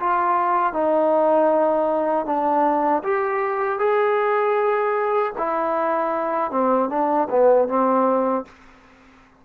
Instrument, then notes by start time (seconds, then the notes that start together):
trombone
0.00 F4
0.73 D#4
2.26 D4
3.03 G4
3.79 G#4
5.38 E4
6.51 C4
6.90 D4
7.30 B3
7.68 C4